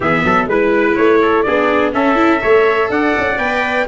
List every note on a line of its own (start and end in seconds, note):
0.00 0.23 E3
0.00 0.50 B3
0.00 0.24 G#4
0.00 0.49 E5
0.24 0.47 F#3
0.24 0.48 A4
0.47 0.95 G#3
0.47 1.46 E4
0.47 1.21 B4
0.47 0.95 B4
0.95 1.46 A3
0.95 1.42 C#5
1.21 1.46 A4
1.42 1.93 B3
1.42 1.92 D4
1.42 1.94 G#4
1.42 1.91 D5
1.92 2.15 C#4
1.92 2.42 C#4
1.92 2.42 A4
1.92 2.90 E5
2.15 2.39 E4
2.39 2.89 A3
2.39 3.36 A4
2.39 2.90 C#5
2.89 3.13 D4
2.89 3.87 D5
2.89 3.38 F#5
3.17 3.38 C#4
3.38 3.86 B3
3.38 3.86 B4
3.38 3.86 G5